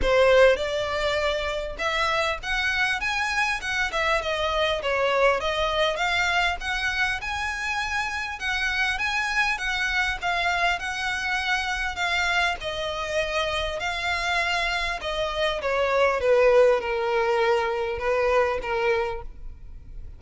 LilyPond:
\new Staff \with { instrumentName = "violin" } { \time 4/4 \tempo 4 = 100 c''4 d''2 e''4 | fis''4 gis''4 fis''8 e''8 dis''4 | cis''4 dis''4 f''4 fis''4 | gis''2 fis''4 gis''4 |
fis''4 f''4 fis''2 | f''4 dis''2 f''4~ | f''4 dis''4 cis''4 b'4 | ais'2 b'4 ais'4 | }